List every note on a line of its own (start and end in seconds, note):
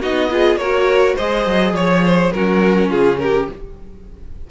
0.00 0.56 B3
0.00 0.29 D#4
0.00 0.29 F#4
0.00 0.57 D#5
0.29 0.58 F4
0.29 0.60 G#4
0.56 1.14 A#3
0.56 1.18 F#4
0.56 1.15 A#4
0.56 1.15 C#5
1.15 1.46 G#3
1.15 2.34 G#4
1.15 1.72 C5
1.15 1.75 D#5
1.46 1.72 F#3
1.72 2.30 F3
1.72 2.04 C#5
1.72 2.33 C#5
2.05 2.32 C5
2.32 2.90 F#3
2.32 3.50 C#4
2.32 2.89 F#4
2.32 2.90 A#4
2.89 3.47 C#3
2.89 3.17 F4
2.89 3.19 G#4
3.19 3.50 G4
3.19 3.47 A#4